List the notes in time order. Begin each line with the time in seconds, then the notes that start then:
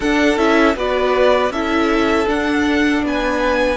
0.00 D4 A4 F#5
0.36 C#4 E4 E5
0.75 B3 F#4 B4 D5
1.50 C#4 E4 A4 E5
2.26 D4 F#5
3.02 B3 B4 G#5